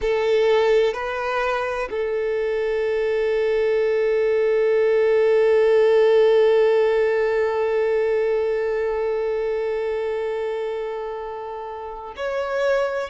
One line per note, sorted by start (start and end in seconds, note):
0.01 0.93 A4
0.93 1.88 B4
1.90 12.14 A4
12.16 13.10 C#5